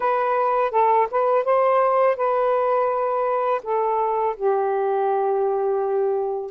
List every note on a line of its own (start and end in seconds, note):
0.00 0.71 B4
0.71 1.07 A4
1.10 1.44 B4
1.44 2.16 C5
2.16 3.61 B4
3.63 4.35 A4
4.36 6.51 G4